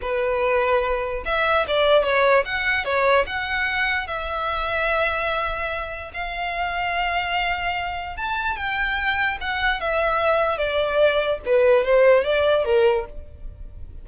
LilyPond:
\new Staff \with { instrumentName = "violin" } { \time 4/4 \tempo 4 = 147 b'2. e''4 | d''4 cis''4 fis''4 cis''4 | fis''2 e''2~ | e''2. f''4~ |
f''1 | a''4 g''2 fis''4 | e''2 d''2 | b'4 c''4 d''4 ais'4 | }